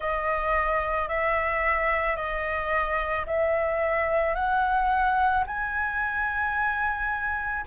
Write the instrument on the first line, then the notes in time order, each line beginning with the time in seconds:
flute
0.00 D#5
1.08 E5
2.16 D#5
3.26 E5
4.34 F#5
5.46 G#5